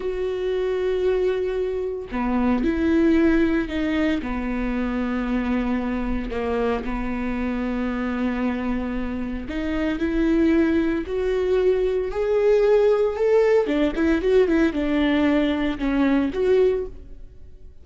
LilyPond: \new Staff \with { instrumentName = "viola" } { \time 4/4 \tempo 4 = 114 fis'1 | b4 e'2 dis'4 | b1 | ais4 b2.~ |
b2 dis'4 e'4~ | e'4 fis'2 gis'4~ | gis'4 a'4 d'8 e'8 fis'8 e'8 | d'2 cis'4 fis'4 | }